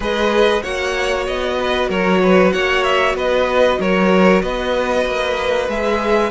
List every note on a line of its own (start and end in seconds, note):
0.00 0.61 G#3
0.00 0.62 G#4
0.00 0.62 B4
0.00 0.62 D#5
0.62 1.27 A#3
0.62 5.67 F#4
0.62 1.57 C#5
0.62 1.25 F#5
1.27 1.89 B3
1.27 1.90 D#5
1.59 1.89 B4
1.89 2.52 F#3
1.89 2.21 A#4
1.89 2.52 C#5
2.22 2.53 B4
2.52 3.14 A#3
2.52 3.15 C#5
2.52 2.83 F#5
2.83 3.15 E5
3.14 3.77 B3
3.14 3.79 B4
3.14 3.81 D#5
3.79 4.42 F#3
3.79 4.42 A#4
3.79 4.42 C#5
4.42 5.05 B3
4.42 6.30 B4
4.42 5.68 D#5
5.05 5.68 A#3
5.68 6.30 G#3
5.68 6.30 G#4
5.68 6.30 E5